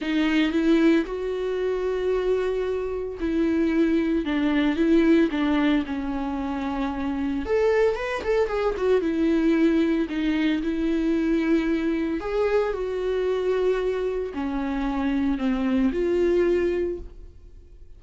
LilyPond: \new Staff \with { instrumentName = "viola" } { \time 4/4 \tempo 4 = 113 dis'4 e'4 fis'2~ | fis'2 e'2 | d'4 e'4 d'4 cis'4~ | cis'2 a'4 b'8 a'8 |
gis'8 fis'8 e'2 dis'4 | e'2. gis'4 | fis'2. cis'4~ | cis'4 c'4 f'2 | }